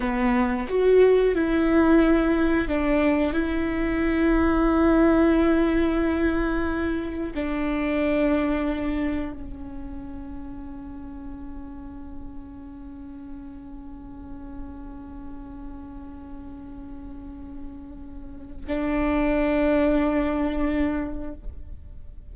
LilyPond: \new Staff \with { instrumentName = "viola" } { \time 4/4 \tempo 4 = 90 b4 fis'4 e'2 | d'4 e'2.~ | e'2. d'4~ | d'2 cis'2~ |
cis'1~ | cis'1~ | cis'1 | d'1 | }